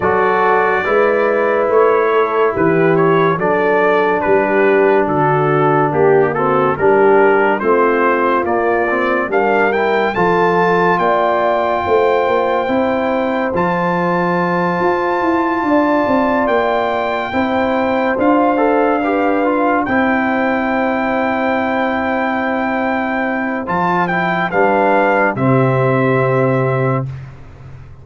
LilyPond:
<<
  \new Staff \with { instrumentName = "trumpet" } { \time 4/4 \tempo 4 = 71 d''2 cis''4 b'8 cis''8 | d''4 b'4 a'4 g'8 a'8 | ais'4 c''4 d''4 f''8 g''8 | a''4 g''2. |
a''2.~ a''8 g''8~ | g''4. f''2 g''8~ | g''1 | a''8 g''8 f''4 e''2 | }
  \new Staff \with { instrumentName = "horn" } { \time 4/4 a'4 b'4. a'8 g'4 | a'4 g'4 fis'4 g'8 fis'8 | g'4 f'2 ais'4 | a'4 d''4 c''2~ |
c''2~ c''8 d''4.~ | d''8 c''2 b'4 c''8~ | c''1~ | c''4 b'4 g'2 | }
  \new Staff \with { instrumentName = "trombone" } { \time 4/4 fis'4 e'2. | d'2.~ d'8 c'8 | d'4 c'4 ais8 c'8 d'8 e'8 | f'2. e'4 |
f'1~ | f'8 e'4 f'8 a'8 g'8 f'8 e'8~ | e'1 | f'8 e'8 d'4 c'2 | }
  \new Staff \with { instrumentName = "tuba" } { \time 4/4 fis4 gis4 a4 e4 | fis4 g4 d4 ais4 | g4 a4 ais4 g4 | f4 ais4 a8 ais8 c'4 |
f4. f'8 e'8 d'8 c'8 ais8~ | ais8 c'4 d'2 c'8~ | c'1 | f4 g4 c2 | }
>>